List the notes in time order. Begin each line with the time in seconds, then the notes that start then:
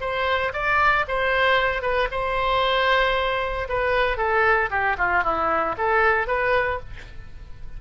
0.00 C5
0.53 D5
1.08 C5
1.82 B4
2.11 C5
3.69 B4
4.17 A4
4.70 G4
4.98 F4
5.23 E4
5.77 A4
6.27 B4